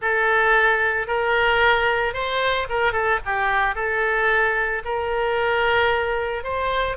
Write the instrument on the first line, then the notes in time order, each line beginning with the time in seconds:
oboe
0.01 A4
1.07 A#4
2.13 C5
2.69 A#4
2.92 A4
3.25 G4
3.75 A4
4.84 A#4
6.43 C5